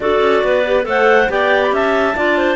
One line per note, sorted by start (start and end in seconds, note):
0.00 0.20 D4
0.00 0.64 F#4
0.00 0.44 A4
0.00 0.85 D5
0.20 0.41 C#4
0.44 0.85 B3
0.44 0.87 B4
0.65 0.83 G4
0.83 1.29 A3
0.83 1.26 A4
0.83 1.31 C5
0.83 1.30 F#5
1.29 1.71 B3
1.29 2.15 G4
1.29 1.73 D5
1.29 1.63 G5
1.63 1.73 B5
1.71 2.15 C#4
1.71 2.16 E5
1.71 2.56 A5
2.15 2.56 D4
2.15 2.56 F4
2.15 2.37 D5
2.37 2.56 C5